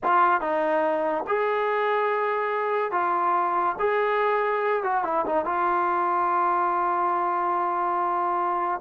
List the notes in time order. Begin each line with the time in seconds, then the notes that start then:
0.03 F4
0.40 D#4
1.27 G#4
2.91 F4
3.79 G#4
4.83 F#4
5.04 E4
5.26 D#4
5.45 F4